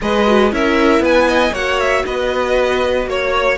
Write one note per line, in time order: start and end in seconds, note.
0.01 0.52 G#3
0.01 0.26 G#4
0.01 0.53 B4
0.01 0.52 D#5
0.26 0.50 F#4
0.50 0.99 C#4
0.50 1.53 E4
0.50 1.02 A#4
0.50 1.04 E5
0.99 1.50 B3
0.99 1.28 B4
0.99 1.54 G#5
1.28 1.52 D#5
1.52 2.04 A#3
1.52 3.58 F#4
1.52 2.03 C#5
1.52 1.79 F#5
1.79 2.05 E5
2.05 3.06 B3
2.05 3.09 B4
2.05 3.08 D#5
3.06 3.57 A#3
3.06 3.58 C#5